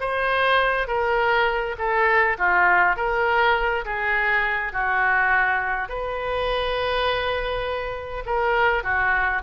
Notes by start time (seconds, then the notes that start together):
0.00 C5
0.87 A#4
1.78 A4
2.38 F4
2.96 A#4
3.84 G#4
4.72 F#4
5.88 B4
8.25 A#4
8.83 F#4